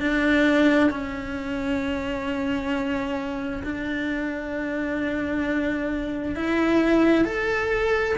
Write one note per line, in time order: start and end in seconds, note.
0.00 0.91 D4
0.91 3.64 C#4
3.64 6.36 D4
6.36 7.25 E4
7.25 8.16 A4